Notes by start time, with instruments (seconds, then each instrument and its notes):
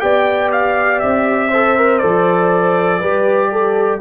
0.00 tuba B3, trombone G4, horn D5, trumpet G5
0.52 trumpet F5
1.00 tuba C4, trumpet E5
1.49 trombone A4, horn C5
1.78 trombone A#4
1.99 tuba F3, trombone A4, trumpet D5
3.00 tuba G3, trombone G4, horn B4
3.52 horn A4